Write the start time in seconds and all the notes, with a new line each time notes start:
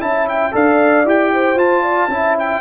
0.00 C#4 E4 E5 A5
0.28 G5
0.51 D4 A4 D5 F5
1.04 E4 G4 G5
1.32 C5
1.56 F4 A5
1.82 D5
2.08 C#4 E4 E5
2.39 G5